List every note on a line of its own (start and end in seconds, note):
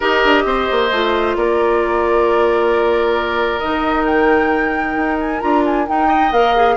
0.00 0.23 D#4
0.00 0.91 G4
0.00 0.43 A#4
0.00 1.36 D#5
0.24 0.44 D4
0.44 0.67 C4
0.44 1.37 C5
0.71 0.91 A#3
0.91 1.35 A3
0.91 3.61 F4
1.35 3.61 A#3
1.35 6.07 A#4
1.35 3.59 D5
3.59 4.96 D#3
3.59 5.41 D#4
3.59 4.04 D#5
4.05 5.18 G5
4.96 5.41 D#4
5.20 5.40 G#5
5.40 5.88 D4
5.40 5.86 F4
5.40 5.63 A#5
5.65 5.87 G#5
5.86 6.31 D#4
5.86 6.32 G5
6.07 6.75 D#5
6.31 6.76 A#3
6.31 6.55 A#4
6.31 6.76 F5
6.55 6.76 G#4